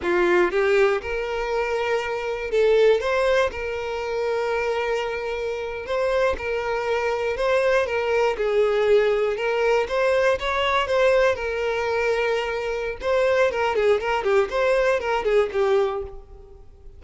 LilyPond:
\new Staff \with { instrumentName = "violin" } { \time 4/4 \tempo 4 = 120 f'4 g'4 ais'2~ | ais'4 a'4 c''4 ais'4~ | ais'2.~ ais'8. c''16~ | c''8. ais'2 c''4 ais'16~ |
ais'8. gis'2 ais'4 c''16~ | c''8. cis''4 c''4 ais'4~ ais'16~ | ais'2 c''4 ais'8 gis'8 | ais'8 g'8 c''4 ais'8 gis'8 g'4 | }